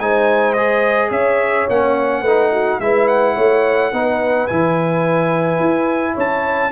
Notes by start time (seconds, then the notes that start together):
0.00 G#3 D#4 C5 G#5
0.54 G#4 D#5
1.11 C#4 C#5 E5
1.69 A#3 C#4 F#5
2.22 A3 D#4 B4
2.53 F#4
2.80 G#3 E4 B4 E5
3.08 F#5
3.36 A3 C#5
3.93 B3 D#4 B4
4.48 E3 E4 G#5
5.60 E4
6.15 C#4 C#5 A5